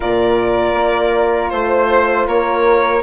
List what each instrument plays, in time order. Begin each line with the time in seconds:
0.00 bassoon A#2, horn F4, flute A#4, violin D5
0.74 bassoon A#3
1.49 bassoon A3, violin C5, flute C5
2.27 bassoon A#3, flute A#4, violin C#5